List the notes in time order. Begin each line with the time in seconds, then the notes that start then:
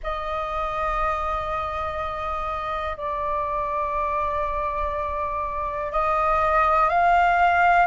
0.03 D#5
2.96 D5
5.92 D#5
6.89 F5